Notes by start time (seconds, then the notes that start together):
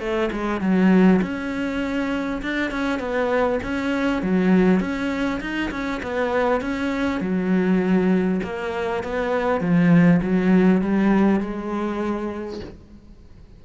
0.00 A3
0.32 G#3
0.61 F#3
1.22 C#4
2.42 D4
2.71 C#4
2.99 B3
3.63 C#4
4.22 F#3
4.80 C#4
5.41 D#4
5.71 C#4
6.03 B3
6.61 C#4
7.21 F#3
8.44 A#3
9.04 B3
9.61 F3
10.22 F#3
10.82 G3
11.41 G#3